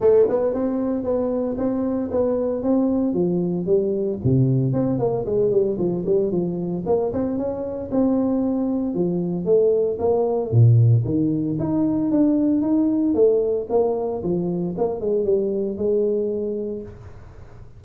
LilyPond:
\new Staff \with { instrumentName = "tuba" } { \time 4/4 \tempo 4 = 114 a8 b8 c'4 b4 c'4 | b4 c'4 f4 g4 | c4 c'8 ais8 gis8 g8 f8 g8 | f4 ais8 c'8 cis'4 c'4~ |
c'4 f4 a4 ais4 | ais,4 dis4 dis'4 d'4 | dis'4 a4 ais4 f4 | ais8 gis8 g4 gis2 | }